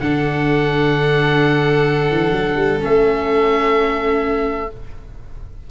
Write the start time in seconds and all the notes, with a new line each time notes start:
0.00 D3 D4 A4 F#5
2.10 E3
2.31 F#3
2.56 G3
2.79 A3 C#4 E5